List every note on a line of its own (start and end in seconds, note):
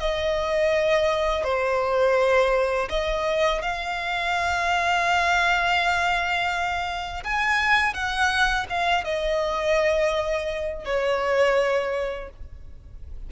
0.00 1.44 D#5
1.44 2.89 C5
2.90 3.62 D#5
3.62 7.24 F5
7.24 7.94 G#5
7.94 8.66 F#5
8.69 9.04 F5
9.04 10.85 D#5
10.85 12.30 C#5